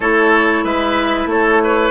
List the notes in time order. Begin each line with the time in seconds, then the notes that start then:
0.00 A3 E4 A4 C#5
0.64 G#3 B4 E5
1.26 A3 A4 C#5
1.63 B4